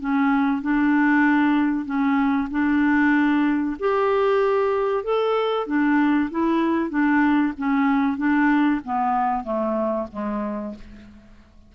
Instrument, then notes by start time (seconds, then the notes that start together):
clarinet
0.00 C#4
0.62 D4
1.85 C#4
2.51 D4
3.80 G4
5.04 A4
5.67 D4
6.31 E4
6.90 D4
7.58 C#4
8.18 D4
8.85 B3
9.44 A3
10.12 G#3